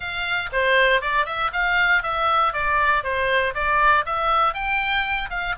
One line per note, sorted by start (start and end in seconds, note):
0.00 0.49 F5
0.52 1.01 C5
1.01 1.25 D5
1.25 1.50 E5
1.52 2.02 F5
2.02 2.53 E5
2.53 3.03 D5
3.03 3.54 C5
3.54 4.05 D5
4.05 4.54 E5
4.54 5.29 G5
5.29 5.55 F5